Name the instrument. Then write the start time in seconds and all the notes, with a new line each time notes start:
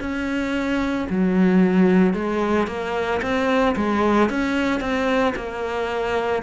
cello
0.00 C#4
1.10 F#3
2.14 G#3
2.67 A#3
3.22 C4
3.76 G#3
4.30 C#4
4.80 C4
5.36 A#3